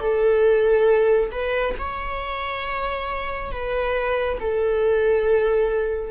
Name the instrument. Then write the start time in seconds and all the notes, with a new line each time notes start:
viola
0.00 A4
1.31 B4
1.78 C#5
3.51 B4
4.40 A4